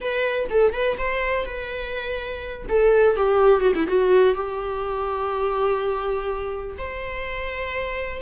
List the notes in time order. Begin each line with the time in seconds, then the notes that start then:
0.00 B4
0.49 A4
0.72 B4
0.98 C5
1.45 B4
2.68 A4
3.16 G4
3.60 F#4
3.75 E4
3.87 F#4
4.35 G4
6.78 C5